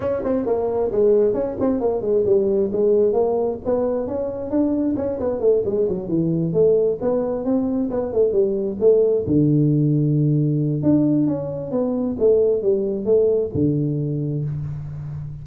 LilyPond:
\new Staff \with { instrumentName = "tuba" } { \time 4/4 \tempo 4 = 133 cis'8 c'8 ais4 gis4 cis'8 c'8 | ais8 gis8 g4 gis4 ais4 | b4 cis'4 d'4 cis'8 b8 | a8 gis8 fis8 e4 a4 b8~ |
b8 c'4 b8 a8 g4 a8~ | a8 d2.~ d8 | d'4 cis'4 b4 a4 | g4 a4 d2 | }